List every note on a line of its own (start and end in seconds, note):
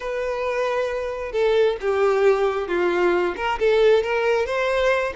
0.00 1.32 B4
1.32 1.76 A4
1.80 2.67 G4
2.67 3.35 F4
3.36 3.58 A#4
3.59 4.03 A4
4.03 4.46 A#4
4.46 5.13 C5